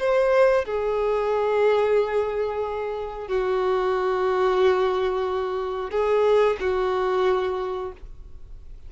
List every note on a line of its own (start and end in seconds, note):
0.00 0.66 C5
0.66 3.28 G#4
3.28 5.91 F#4
5.91 6.57 G#4
6.61 7.93 F#4